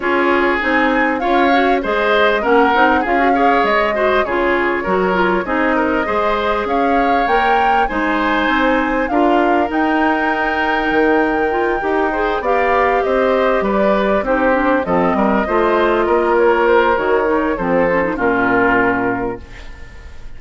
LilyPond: <<
  \new Staff \with { instrumentName = "flute" } { \time 4/4 \tempo 4 = 99 cis''4 gis''4 f''4 dis''4 | fis''4 f''4 dis''4 cis''4~ | cis''4 dis''2 f''4 | g''4 gis''2 f''4 |
g''1~ | g''8 f''4 dis''4 d''4 c''8~ | c''8 dis''2~ dis''8 cis''8 c''8 | cis''4 c''4 ais'2 | }
  \new Staff \with { instrumentName = "oboe" } { \time 4/4 gis'2 cis''4 c''4 | ais'4 gis'8 cis''4 c''8 gis'4 | ais'4 gis'8 ais'8 c''4 cis''4~ | cis''4 c''2 ais'4~ |
ais'1 | c''8 d''4 c''4 b'4 g'8~ | g'8 a'8 ais'8 c''4 ais'4.~ | ais'4 a'4 f'2 | }
  \new Staff \with { instrumentName = "clarinet" } { \time 4/4 f'4 dis'4 f'8 fis'8 gis'4 | cis'8 dis'8 f'16 fis'16 gis'4 fis'8 f'4 | fis'8 f'8 dis'4 gis'2 | ais'4 dis'2 f'4 |
dis'2. f'8 g'8 | gis'8 g'2. dis'8 | d'8 c'4 f'2~ f'8 | fis'8 dis'8 c'8 cis'16 dis'16 cis'2 | }
  \new Staff \with { instrumentName = "bassoon" } { \time 4/4 cis'4 c'4 cis'4 gis4 | ais8 c'8 cis'4 gis4 cis4 | fis4 c'4 gis4 cis'4 | ais4 gis4 c'4 d'4 |
dis'2 dis4. dis'8~ | dis'8 b4 c'4 g4 c'8~ | c'8 f8 g8 a4 ais4. | dis4 f4 ais,2 | }
>>